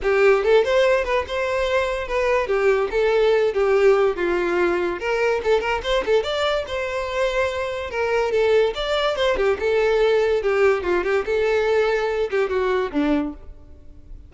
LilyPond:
\new Staff \with { instrumentName = "violin" } { \time 4/4 \tempo 4 = 144 g'4 a'8 c''4 b'8 c''4~ | c''4 b'4 g'4 a'4~ | a'8 g'4. f'2 | ais'4 a'8 ais'8 c''8 a'8 d''4 |
c''2. ais'4 | a'4 d''4 c''8 g'8 a'4~ | a'4 g'4 f'8 g'8 a'4~ | a'4. g'8 fis'4 d'4 | }